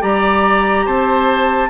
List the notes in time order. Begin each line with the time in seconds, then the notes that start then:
0.00 G3 G4 D5 A#5
0.85 C4 C5 A5